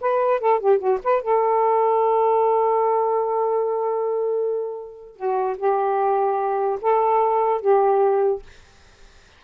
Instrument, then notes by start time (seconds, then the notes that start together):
saxophone
0.00 B4
0.40 A4
0.59 G4
0.78 F#4
1.03 B4
1.22 A4
5.16 F#4
5.57 G4
6.81 A4
7.61 G4